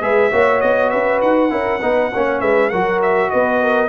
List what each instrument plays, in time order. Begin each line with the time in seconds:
0.00 tuba G#3, trombone G#4, horn B4, trumpet E5
0.31 tuba A#3, trombone F#4, horn C#5
0.61 tuba B3, trumpet D#5
0.90 tuba C#4, horn B4, trumpet E5
1.21 tuba D#4, trumpet F#5
1.50 tuba C#4, trombone E4, horn A#4
1.82 tuba B3, trombone D#4, horn B4
2.13 tuba A#3, trombone C#4, horn C#5
2.40 tuba G#3, horn B4, trumpet E5
2.70 tuba F#3, trombone F#4, horn A#4, trumpet F#5
3.02 trumpet E5
3.30 tuba B3, horn B4, trumpet D#5
3.62 horn A#4